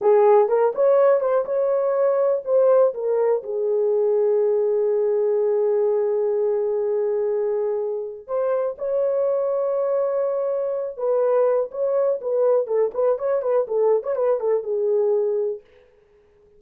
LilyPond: \new Staff \with { instrumentName = "horn" } { \time 4/4 \tempo 4 = 123 gis'4 ais'8 cis''4 c''8 cis''4~ | cis''4 c''4 ais'4 gis'4~ | gis'1~ | gis'1~ |
gis'4 c''4 cis''2~ | cis''2~ cis''8 b'4. | cis''4 b'4 a'8 b'8 cis''8 b'8 | a'8. cis''16 b'8 a'8 gis'2 | }